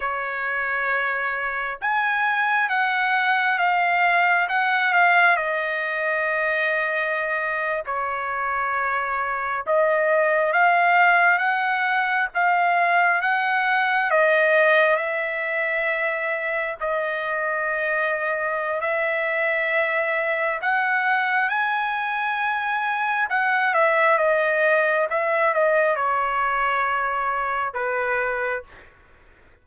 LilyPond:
\new Staff \with { instrumentName = "trumpet" } { \time 4/4 \tempo 4 = 67 cis''2 gis''4 fis''4 | f''4 fis''8 f''8 dis''2~ | dis''8. cis''2 dis''4 f''16~ | f''8. fis''4 f''4 fis''4 dis''16~ |
dis''8. e''2 dis''4~ dis''16~ | dis''4 e''2 fis''4 | gis''2 fis''8 e''8 dis''4 | e''8 dis''8 cis''2 b'4 | }